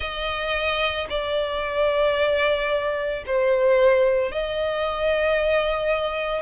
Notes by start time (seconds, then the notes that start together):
0.00 D#5
1.10 D5
3.26 C5
4.31 D#5